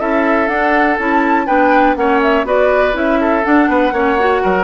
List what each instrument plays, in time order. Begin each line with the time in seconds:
0.00 bassoon C#4, clarinet E4, oboe A4, flute E5
0.48 clarinet D4, bassoon D4, flute F#5
0.99 bassoon C#4, clarinet E4, flute A5
1.47 bassoon B3, clarinet D4, oboe B4, flute G5
1.96 bassoon A#3, clarinet C#4, oboe C#5, flute F#5
2.22 flute E5
2.44 bassoon B3, clarinet F#4, oboe B4, flute D5
2.93 bassoon C#4, clarinet E4, flute E5
3.21 oboe A4
3.44 clarinet D4, bassoon D4, flute F#5
3.68 bassoon B3, oboe B4
3.93 bassoon A#3, clarinet C#4, oboe C#5
4.19 clarinet F#4
4.43 bassoon F#3, oboe A#4